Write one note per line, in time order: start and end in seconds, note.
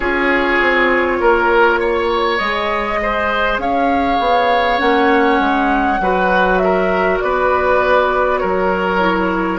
0.00 0.60 C#4
0.00 2.38 F4
0.00 1.17 G#4
0.00 2.37 C#5
0.60 1.20 C4
1.20 2.40 A#3
1.20 1.79 A#4
1.79 3.00 C#5
2.37 3.58 G#3
2.37 4.78 G#4
2.37 3.57 D#5
3.02 3.61 C5
3.58 4.18 C#4
3.58 6.01 C#5
3.58 4.79 F5
4.19 4.79 B3
4.78 5.39 A#3
4.78 5.98 C#4
4.78 6.58 F#5
5.39 5.99 G#3
6.00 7.20 F#3
6.00 8.99 F#4
6.00 6.62 B4
6.58 7.23 A#4
6.58 7.17 E5
7.20 8.42 B3
7.20 8.40 B4
7.20 8.38 D5
8.38 9.59 F#3
8.38 9.59 A#4
8.38 9.58 C#5
8.99 9.59 E4